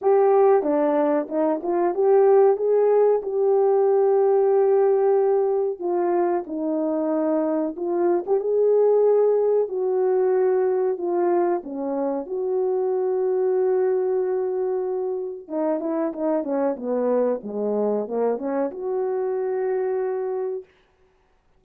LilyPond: \new Staff \with { instrumentName = "horn" } { \time 4/4 \tempo 4 = 93 g'4 d'4 dis'8 f'8 g'4 | gis'4 g'2.~ | g'4 f'4 dis'2 | f'8. g'16 gis'2 fis'4~ |
fis'4 f'4 cis'4 fis'4~ | fis'1 | dis'8 e'8 dis'8 cis'8 b4 gis4 | ais8 cis'8 fis'2. | }